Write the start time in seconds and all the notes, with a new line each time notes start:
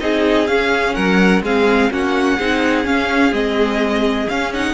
0.00 C4 D#4 G#4 D#5
0.47 C#4 F5
0.94 F#3 A#4 F#5
1.42 G#3 C4 G#4 F5
1.90 A#3 C#4 F#4 F#5
2.37 C4 D#4 G#4
2.84 C#4 F5
3.32 G#3 C4 D#5
4.28 C#4 F5
4.53 D#4 F#5